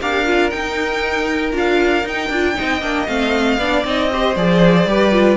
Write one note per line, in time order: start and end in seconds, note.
0.00 0.52 D4
0.00 0.25 G4
0.00 2.56 A#4
0.00 0.50 F5
0.25 0.50 F4
0.50 1.51 D#4
0.50 1.52 D#4
0.50 1.52 G5
1.51 2.04 D4
1.51 2.03 F4
1.51 2.08 F5
2.04 2.29 D#4
2.04 2.31 D#4
2.04 3.07 G5
2.29 2.55 D4
2.29 2.54 F4
2.54 2.81 C4
2.54 2.80 D#4
2.54 3.59 D#5
2.81 3.07 A#3
2.81 3.07 D4
3.07 3.58 A3
3.07 3.58 C4
3.07 3.84 F5
3.58 3.83 B3
3.58 3.85 D4
3.58 4.10 D5
3.84 4.35 C4
3.84 4.10 D#4
3.84 4.36 D#5
4.10 4.36 G4
4.10 4.89 C5
4.35 4.85 F3
4.35 4.87 G#4
4.35 5.37 D5
4.85 5.36 G3
4.85 5.12 G4
4.85 5.37 B4
5.12 5.37 F4